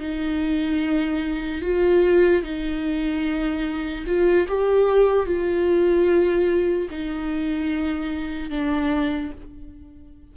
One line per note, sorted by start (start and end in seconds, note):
0.00 1.62 D#4
1.62 2.43 F4
2.43 4.05 D#4
4.07 4.47 F4
4.49 5.27 G4
5.27 6.89 F4
6.91 8.51 D#4
8.51 9.32 D4